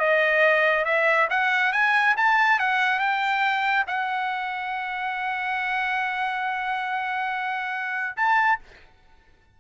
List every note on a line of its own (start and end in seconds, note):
0.00 0.85 D#5
0.85 1.28 E5
1.30 1.73 F#5
1.73 2.15 G#5
2.17 2.60 A5
2.60 2.99 F#5
2.99 3.85 G5
3.88 8.16 F#5
8.17 8.59 A5